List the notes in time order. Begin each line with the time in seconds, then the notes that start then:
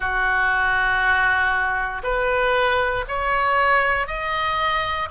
0.00 F#4
2.03 B4
3.07 C#5
4.07 D#5